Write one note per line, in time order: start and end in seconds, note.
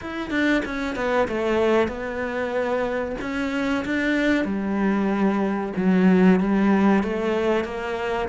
0.01 0.30 E4
0.30 0.62 D4
0.65 0.95 C#4
0.95 1.27 B3
1.28 1.87 A3
1.87 3.15 B3
3.21 3.84 C#4
3.85 4.44 D4
4.44 5.72 G3
5.76 6.40 F#3
6.40 7.03 G3
7.03 7.64 A3
7.64 8.28 A#3